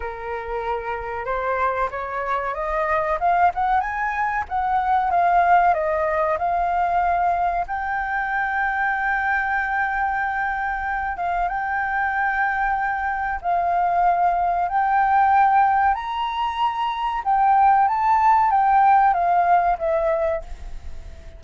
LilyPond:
\new Staff \with { instrumentName = "flute" } { \time 4/4 \tempo 4 = 94 ais'2 c''4 cis''4 | dis''4 f''8 fis''8 gis''4 fis''4 | f''4 dis''4 f''2 | g''1~ |
g''4. f''8 g''2~ | g''4 f''2 g''4~ | g''4 ais''2 g''4 | a''4 g''4 f''4 e''4 | }